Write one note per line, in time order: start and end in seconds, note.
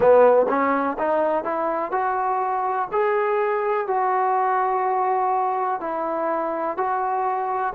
0.00 0.46 B3
0.48 0.97 C#4
0.98 1.44 D#4
1.44 1.91 E4
1.91 2.88 F#4
2.92 3.87 G#4
3.87 5.80 F#4
5.80 6.77 E4
6.77 7.73 F#4